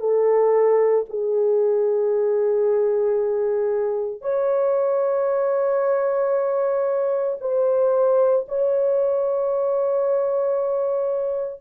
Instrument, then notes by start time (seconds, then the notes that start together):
horn
0.00 A4
1.09 G#4
4.22 C#5
7.41 C5
8.48 C#5